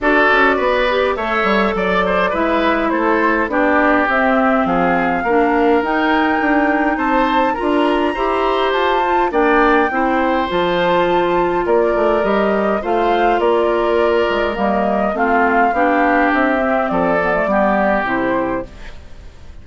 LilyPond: <<
  \new Staff \with { instrumentName = "flute" } { \time 4/4 \tempo 4 = 103 d''2 e''4 d''4 | e''4 c''4 d''4 e''4 | f''2 g''2 | a''4 ais''2 a''4 |
g''2 a''2 | d''4 dis''4 f''4 d''4~ | d''4 dis''4 f''2 | e''4 d''2 c''4 | }
  \new Staff \with { instrumentName = "oboe" } { \time 4/4 a'4 b'4 cis''4 d''8 c''8 | b'4 a'4 g'2 | gis'4 ais'2. | c''4 ais'4 c''2 |
d''4 c''2. | ais'2 c''4 ais'4~ | ais'2 f'4 g'4~ | g'4 a'4 g'2 | }
  \new Staff \with { instrumentName = "clarinet" } { \time 4/4 fis'4. g'8 a'2 | e'2 d'4 c'4~ | c'4 d'4 dis'2~ | dis'4 f'4 g'4. f'8 |
d'4 e'4 f'2~ | f'4 g'4 f'2~ | f'4 ais4 c'4 d'4~ | d'8 c'4 b16 a16 b4 e'4 | }
  \new Staff \with { instrumentName = "bassoon" } { \time 4/4 d'8 cis'8 b4 a8 g8 fis4 | gis4 a4 b4 c'4 | f4 ais4 dis'4 d'4 | c'4 d'4 e'4 f'4 |
ais4 c'4 f2 | ais8 a8 g4 a4 ais4~ | ais8 gis8 g4 a4 b4 | c'4 f4 g4 c4 | }
>>